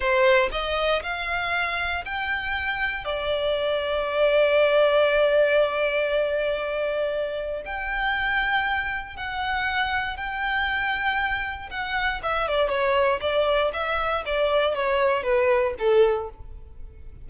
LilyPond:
\new Staff \with { instrumentName = "violin" } { \time 4/4 \tempo 4 = 118 c''4 dis''4 f''2 | g''2 d''2~ | d''1~ | d''2. g''4~ |
g''2 fis''2 | g''2. fis''4 | e''8 d''8 cis''4 d''4 e''4 | d''4 cis''4 b'4 a'4 | }